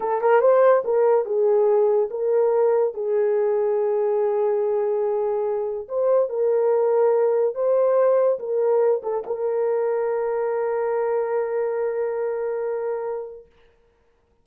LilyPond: \new Staff \with { instrumentName = "horn" } { \time 4/4 \tempo 4 = 143 a'8 ais'8 c''4 ais'4 gis'4~ | gis'4 ais'2 gis'4~ | gis'1~ | gis'2 c''4 ais'4~ |
ais'2 c''2 | ais'4. a'8 ais'2~ | ais'1~ | ais'1 | }